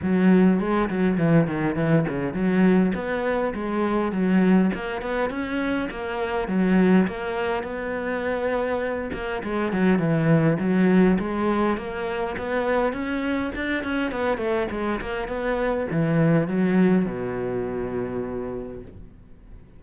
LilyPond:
\new Staff \with { instrumentName = "cello" } { \time 4/4 \tempo 4 = 102 fis4 gis8 fis8 e8 dis8 e8 cis8 | fis4 b4 gis4 fis4 | ais8 b8 cis'4 ais4 fis4 | ais4 b2~ b8 ais8 |
gis8 fis8 e4 fis4 gis4 | ais4 b4 cis'4 d'8 cis'8 | b8 a8 gis8 ais8 b4 e4 | fis4 b,2. | }